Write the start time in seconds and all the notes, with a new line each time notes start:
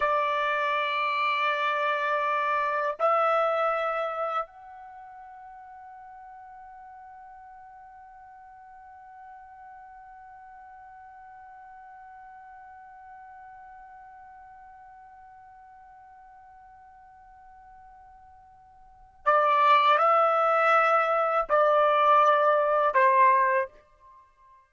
0.00 D5
2.99 E5
4.46 F#5
19.25 D5
19.98 E5
21.49 D5
22.94 C5